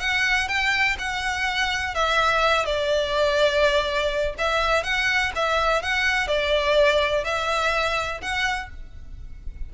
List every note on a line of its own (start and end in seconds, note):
0.00 0.48 F#5
0.48 0.97 G5
0.99 1.95 F#5
1.95 2.65 E5
2.65 4.35 D5
4.38 4.83 E5
4.83 5.32 F#5
5.36 5.82 E5
5.82 6.27 F#5
6.27 7.24 D5
7.24 8.21 E5
8.21 8.70 F#5